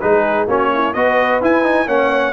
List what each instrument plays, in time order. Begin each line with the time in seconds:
0.00 tuba G#3, trombone D#4, horn G#4, trumpet B4
0.47 tuba A#3, trombone C#4, horn F#4, trumpet C#5
0.73 horn E4
0.93 tuba B3, trombone F#4, horn B4, trumpet D#5
1.41 tuba E4, trombone E4, trumpet G#5
1.63 trombone D#4
1.86 tuba A#3, trombone C#4, horn C#5, trumpet F#5